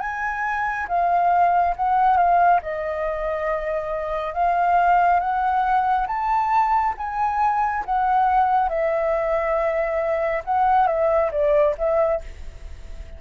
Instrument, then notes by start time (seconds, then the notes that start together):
flute
0.00 G#5
0.88 F5
1.77 F#5
2.17 F5
2.62 D#5
4.34 F5
5.20 F#5
6.08 A5
6.98 G#5
7.85 F#5
8.69 E5
10.45 F#5
10.87 E5
11.32 D5
11.78 E5